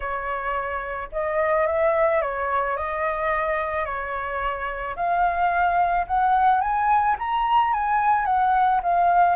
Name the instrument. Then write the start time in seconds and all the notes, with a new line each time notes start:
flute
0.00 C#5
1.12 D#5
1.67 E5
2.21 C#5
2.76 D#5
3.85 C#5
4.96 F5
6.07 F#5
6.61 G#5
7.18 A#5
7.73 G#5
8.25 F#5
8.82 F5